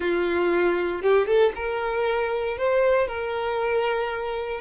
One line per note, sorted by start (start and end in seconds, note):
0.00 1.02 F4
1.02 1.27 G4
1.27 1.52 A4
1.55 2.57 A#4
2.57 3.07 C5
3.07 4.60 A#4